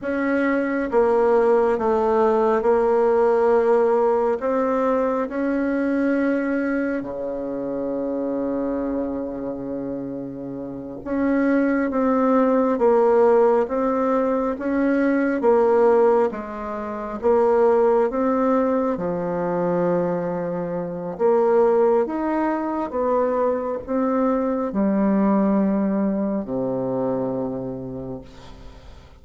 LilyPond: \new Staff \with { instrumentName = "bassoon" } { \time 4/4 \tempo 4 = 68 cis'4 ais4 a4 ais4~ | ais4 c'4 cis'2 | cis1~ | cis8 cis'4 c'4 ais4 c'8~ |
c'8 cis'4 ais4 gis4 ais8~ | ais8 c'4 f2~ f8 | ais4 dis'4 b4 c'4 | g2 c2 | }